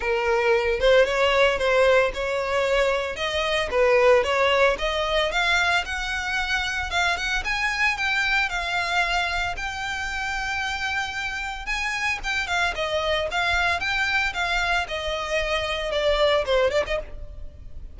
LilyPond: \new Staff \with { instrumentName = "violin" } { \time 4/4 \tempo 4 = 113 ais'4. c''8 cis''4 c''4 | cis''2 dis''4 b'4 | cis''4 dis''4 f''4 fis''4~ | fis''4 f''8 fis''8 gis''4 g''4 |
f''2 g''2~ | g''2 gis''4 g''8 f''8 | dis''4 f''4 g''4 f''4 | dis''2 d''4 c''8 d''16 dis''16 | }